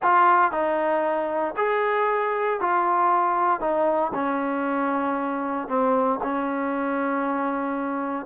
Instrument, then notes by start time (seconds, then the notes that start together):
trombone
0.02 F4
0.51 D#4
1.56 G#4
2.60 F4
3.60 D#4
4.14 C#4
5.68 C4
6.23 C#4